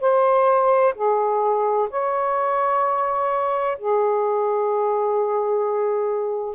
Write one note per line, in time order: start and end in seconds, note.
0.00 0.94 C5
0.95 1.88 G#4
1.90 3.78 C#5
3.78 6.55 G#4